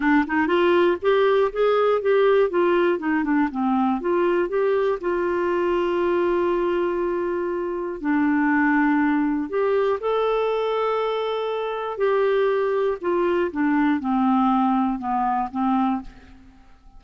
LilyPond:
\new Staff \with { instrumentName = "clarinet" } { \time 4/4 \tempo 4 = 120 d'8 dis'8 f'4 g'4 gis'4 | g'4 f'4 dis'8 d'8 c'4 | f'4 g'4 f'2~ | f'1 |
d'2. g'4 | a'1 | g'2 f'4 d'4 | c'2 b4 c'4 | }